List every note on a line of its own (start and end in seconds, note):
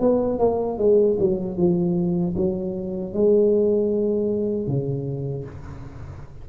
0.00 0.39 B3
0.39 0.78 A#3
0.78 1.17 G#3
1.19 1.57 F#3
1.57 2.35 F3
2.37 3.13 F#3
3.13 4.67 G#3
4.67 5.45 C#3